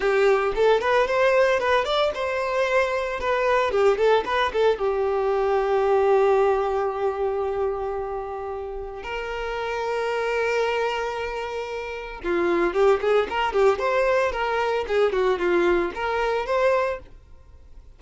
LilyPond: \new Staff \with { instrumentName = "violin" } { \time 4/4 \tempo 4 = 113 g'4 a'8 b'8 c''4 b'8 d''8 | c''2 b'4 g'8 a'8 | b'8 a'8 g'2.~ | g'1~ |
g'4 ais'2.~ | ais'2. f'4 | g'8 gis'8 ais'8 g'8 c''4 ais'4 | gis'8 fis'8 f'4 ais'4 c''4 | }